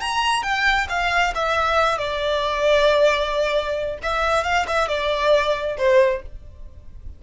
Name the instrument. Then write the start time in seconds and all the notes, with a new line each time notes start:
violin
0.00 A#5
0.42 G5
0.89 F5
1.34 E5
1.98 D5
4.02 E5
4.43 F5
4.67 E5
4.88 D5
5.77 C5